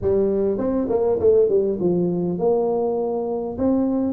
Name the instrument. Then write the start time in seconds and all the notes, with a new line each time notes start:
tuba
0.01 G3
0.58 C4
0.89 A#3
1.19 A3
1.49 G3
1.80 F3
2.38 A#3
3.58 C4